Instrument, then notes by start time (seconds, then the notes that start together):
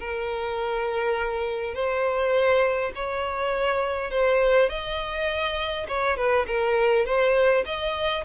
violin
0.00 A#4
1.75 C5
2.95 C#5
4.11 C5
4.69 D#5
5.88 C#5
6.17 B4
6.47 A#4
7.06 C5
7.66 D#5